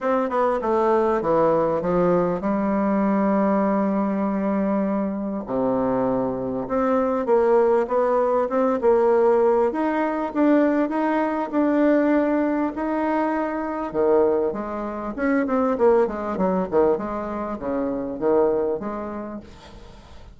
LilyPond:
\new Staff \with { instrumentName = "bassoon" } { \time 4/4 \tempo 4 = 99 c'8 b8 a4 e4 f4 | g1~ | g4 c2 c'4 | ais4 b4 c'8 ais4. |
dis'4 d'4 dis'4 d'4~ | d'4 dis'2 dis4 | gis4 cis'8 c'8 ais8 gis8 fis8 dis8 | gis4 cis4 dis4 gis4 | }